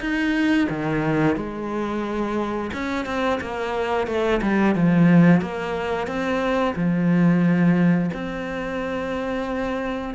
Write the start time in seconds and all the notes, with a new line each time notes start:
0.00 D#4
0.69 D#3
1.35 G#3
2.73 C#4
3.06 C4
3.40 A#3
4.07 A3
4.42 G3
4.75 F3
5.41 A#3
6.07 C4
6.75 F3
8.13 C4